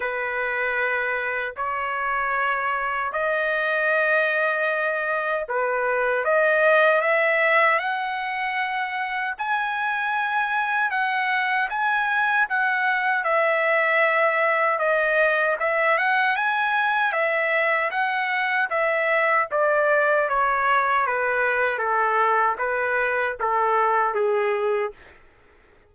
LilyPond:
\new Staff \with { instrumentName = "trumpet" } { \time 4/4 \tempo 4 = 77 b'2 cis''2 | dis''2. b'4 | dis''4 e''4 fis''2 | gis''2 fis''4 gis''4 |
fis''4 e''2 dis''4 | e''8 fis''8 gis''4 e''4 fis''4 | e''4 d''4 cis''4 b'4 | a'4 b'4 a'4 gis'4 | }